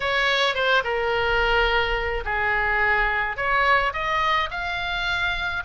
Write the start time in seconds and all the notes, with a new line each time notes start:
0.00 C#5
0.55 C5
0.84 A#4
2.25 G#4
3.36 C#5
3.93 D#5
4.50 F5